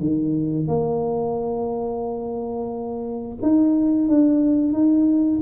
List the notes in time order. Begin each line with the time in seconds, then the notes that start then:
0.00 D#3
0.67 A#3
3.42 D#4
4.08 D4
4.73 D#4